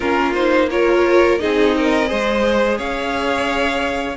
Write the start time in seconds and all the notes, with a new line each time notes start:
0.00 A#3 C#4 F4 A#4
0.34 D#4 C5
0.70 F4 A#4 C#5
1.38 C4 D#4 G#4 D#5
1.77 A#4
2.05 G#4 C5
2.12 G#3
2.77 C#4 C#5 F5